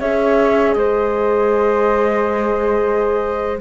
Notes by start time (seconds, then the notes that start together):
0.00 C#4 G#4 C#5 E5
0.73 G#3 C5 D#5